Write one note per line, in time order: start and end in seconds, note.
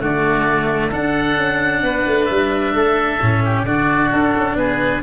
0.00 0.92 D3
0.00 0.91 A3
0.00 0.89 F#4
0.00 0.92 D5
0.89 3.19 D4
0.89 1.37 D4
0.89 1.80 A4
0.89 2.25 F#5
1.37 1.83 C#4
1.83 2.05 B3
1.83 2.74 B4
2.07 2.29 A3
2.25 2.74 G3
2.25 3.62 E5
2.74 3.20 A3
2.74 3.43 A4
3.21 3.63 A2
3.21 3.66 C#4
3.45 3.66 G4
3.63 4.09 D3
3.63 5.03 D4
3.63 4.57 F#4
3.63 4.10 D5
4.12 4.35 D4
4.12 4.57 A4
4.36 4.56 C#4
4.56 5.01 B3
4.56 5.03 G#4
4.56 5.02 B4